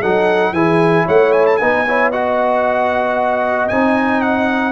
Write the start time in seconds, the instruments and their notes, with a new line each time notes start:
0.00 tuba F#3, trombone D#4, horn A4, trumpet F#5
0.52 tuba E3, trombone E4, horn G#4, trumpet G#5
1.05 tuba A3, horn C#5, trumpet F#5
1.33 trumpet G#5
1.46 trumpet A5
1.57 tuba B3, trombone D#4, horn B4, trumpet G#5
1.87 trombone E4, horn C#5
2.10 trombone F#4, horn D#5, trumpet F#5
3.68 tuba C4, trombone D#4, trumpet G#5
4.21 trumpet F#5